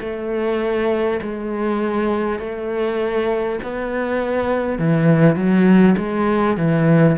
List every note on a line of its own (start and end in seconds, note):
0.00 1.20 A3
1.22 2.39 G#3
2.39 3.59 A3
3.63 4.78 B3
4.78 5.36 E3
5.36 5.96 F#3
5.97 6.57 G#3
6.57 7.17 E3